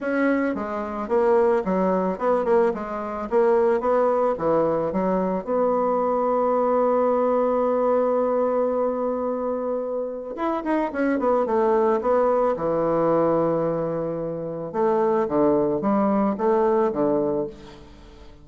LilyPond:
\new Staff \with { instrumentName = "bassoon" } { \time 4/4 \tempo 4 = 110 cis'4 gis4 ais4 fis4 | b8 ais8 gis4 ais4 b4 | e4 fis4 b2~ | b1~ |
b2. e'8 dis'8 | cis'8 b8 a4 b4 e4~ | e2. a4 | d4 g4 a4 d4 | }